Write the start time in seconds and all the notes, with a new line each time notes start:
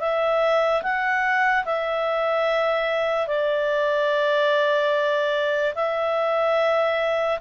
0.00 E5
0.83 F#5
1.66 E5
3.28 D5
5.75 E5